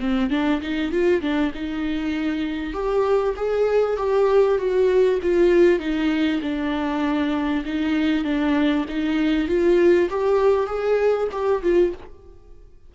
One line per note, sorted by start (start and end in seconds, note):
0.00 0.31 C4
0.31 0.61 D4
0.62 0.92 D#4
0.92 1.22 F4
1.22 1.52 D4
1.54 2.74 D#4
2.74 3.35 G4
3.36 3.97 G#4
3.97 4.58 G4
4.58 5.19 F#4
5.22 5.80 F4
5.80 6.41 D#4
6.42 7.64 D4
7.65 8.25 D#4
8.25 8.86 D4
8.89 9.48 D#4
9.48 10.09 F4
10.10 10.67 G4
10.67 11.28 G#4
11.32 11.63 G4
11.63 11.93 F4